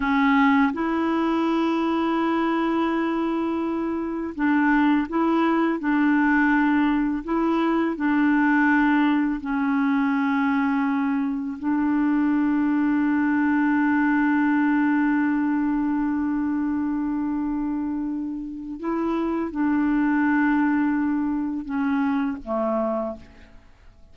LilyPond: \new Staff \with { instrumentName = "clarinet" } { \time 4/4 \tempo 4 = 83 cis'4 e'2.~ | e'2 d'4 e'4 | d'2 e'4 d'4~ | d'4 cis'2. |
d'1~ | d'1~ | d'2 e'4 d'4~ | d'2 cis'4 a4 | }